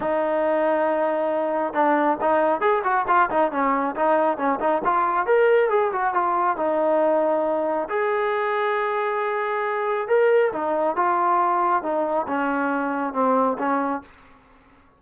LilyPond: \new Staff \with { instrumentName = "trombone" } { \time 4/4 \tempo 4 = 137 dis'1 | d'4 dis'4 gis'8 fis'8 f'8 dis'8 | cis'4 dis'4 cis'8 dis'8 f'4 | ais'4 gis'8 fis'8 f'4 dis'4~ |
dis'2 gis'2~ | gis'2. ais'4 | dis'4 f'2 dis'4 | cis'2 c'4 cis'4 | }